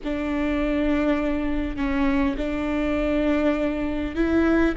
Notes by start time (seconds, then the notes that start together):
0.04 D4
1.76 C#4
2.37 D4
4.15 E4